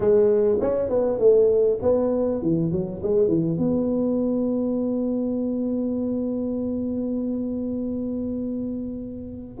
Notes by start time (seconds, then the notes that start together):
0.00 G#3
0.61 C#4
0.89 B3
1.18 A3
1.81 B3
2.42 E3
2.71 F#3
3.02 G#3
3.28 E3
3.58 B3